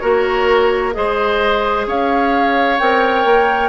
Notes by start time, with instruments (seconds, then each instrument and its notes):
0.00 bassoon A#3, clarinet F#4, oboe A#4, flute C#5
0.93 bassoon G#3, clarinet G#4, oboe C5, flute D#5
1.87 bassoon C#4, oboe C#5, flute F5
2.79 bassoon C4, clarinet A#4, flute G5
3.25 bassoon A#3